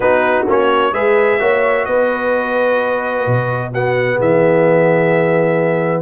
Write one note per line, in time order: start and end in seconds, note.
0.00 0.45 B3
0.00 0.46 D#4
0.00 0.92 F#4
0.00 0.46 B4
0.46 0.92 A#3
0.46 0.93 C#4
0.46 0.94 C#5
0.92 1.39 G#3
0.92 1.39 G#4
0.92 1.39 B4
0.92 1.85 E5
1.39 1.86 A#3
1.39 3.71 F#4
1.39 1.86 C#5
1.85 3.26 B3
1.85 3.71 B4
1.85 3.71 D#5
3.26 4.19 B2
3.71 6.01 B3
3.71 4.15 F#4
3.71 4.20 F#5
4.15 6.01 E3
4.15 6.01 G#4
4.15 6.01 E5